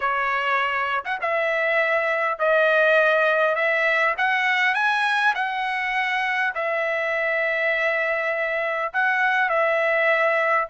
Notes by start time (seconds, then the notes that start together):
0.00 C#5
1.04 F#5
1.21 E5
2.38 D#5
3.55 E5
4.17 F#5
4.74 G#5
5.34 F#5
6.54 E5
8.93 F#5
9.49 E5